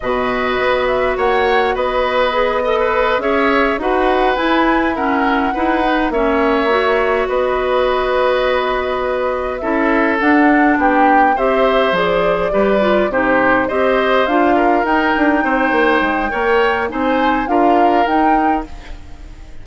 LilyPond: <<
  \new Staff \with { instrumentName = "flute" } { \time 4/4 \tempo 4 = 103 dis''4. e''8 fis''4 dis''4~ | dis''4. e''4 fis''4 gis''8~ | gis''8 fis''2 e''4.~ | e''8 dis''2.~ dis''8~ |
dis''8 e''4 fis''4 g''4 e''8~ | e''8 d''2 c''4 dis''8~ | dis''8 f''4 g''2~ g''8~ | g''4 gis''4 f''4 g''4 | }
  \new Staff \with { instrumentName = "oboe" } { \time 4/4 b'2 cis''4 b'4~ | b'8 dis''16 b'8. cis''4 b'4.~ | b'8 ais'4 b'4 cis''4.~ | cis''8 b'2.~ b'8~ |
b'8 a'2 g'4 c''8~ | c''4. b'4 g'4 c''8~ | c''4 ais'4. c''4. | cis''4 c''4 ais'2 | }
  \new Staff \with { instrumentName = "clarinet" } { \time 4/4 fis'1 | gis'8 a'4 gis'4 fis'4 e'8~ | e'8 cis'4 e'8 dis'8 cis'4 fis'8~ | fis'1~ |
fis'8 e'4 d'2 g'8~ | g'8 gis'4 g'8 f'8 dis'4 g'8~ | g'8 f'4 dis'2~ dis'8 | ais'4 dis'4 f'4 dis'4 | }
  \new Staff \with { instrumentName = "bassoon" } { \time 4/4 b,4 b4 ais4 b4~ | b4. cis'4 dis'4 e'8~ | e'4. dis'4 ais4.~ | ais8 b2.~ b8~ |
b8 cis'4 d'4 b4 c'8~ | c'8 f4 g4 c4 c'8~ | c'8 d'4 dis'8 d'8 c'8 ais8 gis8 | ais4 c'4 d'4 dis'4 | }
>>